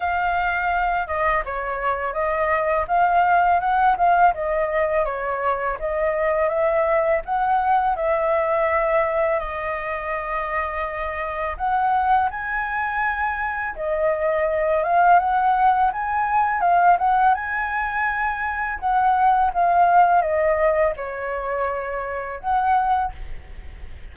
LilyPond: \new Staff \with { instrumentName = "flute" } { \time 4/4 \tempo 4 = 83 f''4. dis''8 cis''4 dis''4 | f''4 fis''8 f''8 dis''4 cis''4 | dis''4 e''4 fis''4 e''4~ | e''4 dis''2. |
fis''4 gis''2 dis''4~ | dis''8 f''8 fis''4 gis''4 f''8 fis''8 | gis''2 fis''4 f''4 | dis''4 cis''2 fis''4 | }